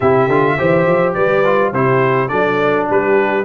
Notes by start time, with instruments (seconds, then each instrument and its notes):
0.00 tuba C3, trombone E4, horn G4, trumpet E5
0.28 tuba D3, trombone F4
0.58 tuba E3, trombone G4, horn C5
0.86 tuba F3
1.13 tuba G3, horn B4, trumpet D5
1.45 trombone F4
1.72 tuba C3, trombone E4, horn G4, trumpet C5
2.28 tuba F#3, trombone D4, horn A4, trumpet D5
2.90 tuba G3, horn G4, trumpet B4